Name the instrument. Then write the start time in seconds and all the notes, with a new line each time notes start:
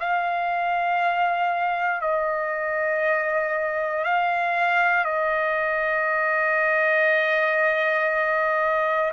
trumpet
0.00 F5
2.01 D#5
4.04 F5
5.05 D#5